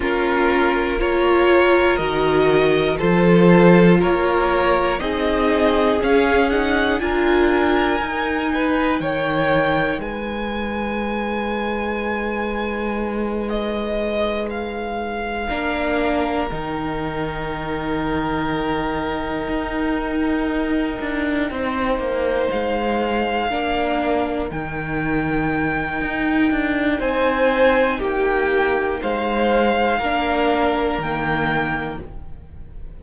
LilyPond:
<<
  \new Staff \with { instrumentName = "violin" } { \time 4/4 \tempo 4 = 60 ais'4 cis''4 dis''4 c''4 | cis''4 dis''4 f''8 fis''8 gis''4~ | gis''4 g''4 gis''2~ | gis''4. dis''4 f''4.~ |
f''8 g''2.~ g''8~ | g''2~ g''8 f''4.~ | f''8 g''2~ g''8 gis''4 | g''4 f''2 g''4 | }
  \new Staff \with { instrumentName = "violin" } { \time 4/4 f'4 ais'2 a'4 | ais'4 gis'2 ais'4~ | ais'8 b'8 cis''4 b'2~ | b'2.~ b'8 ais'8~ |
ais'1~ | ais'4. c''2 ais'8~ | ais'2. c''4 | g'4 c''4 ais'2 | }
  \new Staff \with { instrumentName = "viola" } { \time 4/4 cis'4 f'4 fis'4 f'4~ | f'4 dis'4 cis'8 dis'8 f'4 | dis'1~ | dis'2.~ dis'8 d'8~ |
d'8 dis'2.~ dis'8~ | dis'2.~ dis'8 d'8~ | d'8 dis'2.~ dis'8~ | dis'2 d'4 ais4 | }
  \new Staff \with { instrumentName = "cello" } { \time 4/4 ais2 dis4 f4 | ais4 c'4 cis'4 d'4 | dis'4 dis4 gis2~ | gis2.~ gis8 ais8~ |
ais8 dis2. dis'8~ | dis'4 d'8 c'8 ais8 gis4 ais8~ | ais8 dis4. dis'8 d'8 c'4 | ais4 gis4 ais4 dis4 | }
>>